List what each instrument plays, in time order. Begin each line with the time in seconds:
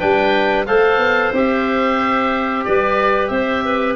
0.00 tuba G3, trombone D4, clarinet B4, oboe G5
0.67 tuba A3, trombone A4, clarinet C5, oboe F5
0.98 tuba B3
1.33 tuba C4, trombone G4, oboe E5
2.65 tuba G3, clarinet B4, oboe D5
3.28 tuba C4, clarinet C5, oboe E5
3.66 clarinet B4